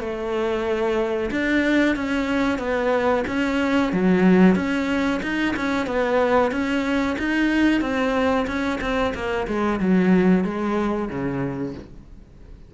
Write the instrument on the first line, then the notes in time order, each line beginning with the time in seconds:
cello
0.00 A3
1.31 D4
1.96 C#4
2.58 B3
3.28 C#4
3.92 F#3
4.55 C#4
5.23 D#4
5.56 C#4
5.87 B3
6.52 C#4
7.19 D#4
7.81 C4
8.47 C#4
8.81 C4
9.15 A#3
9.47 G#3
9.80 F#3
10.44 G#3
11.09 C#3